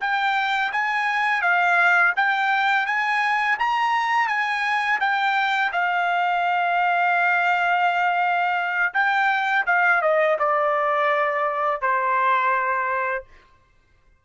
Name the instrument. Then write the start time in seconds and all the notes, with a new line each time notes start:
trumpet
0.00 G5
0.72 G#5
1.42 F5
2.16 G5
2.86 G#5
3.58 A#5
4.27 G#5
5.00 G5
5.72 F5
8.94 G5
9.66 F5
10.01 D#5
10.39 D5
11.81 C5